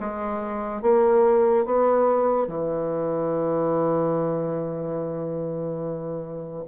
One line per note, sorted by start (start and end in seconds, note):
0.00 0.83 G#3
0.83 1.66 A#3
1.66 2.48 B3
2.48 6.65 E3